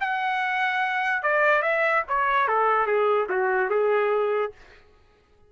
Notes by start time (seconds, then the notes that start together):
0.00 F#5
1.22 D5
1.62 E5
2.08 C#5
2.47 A4
2.86 G#4
3.29 F#4
3.69 G#4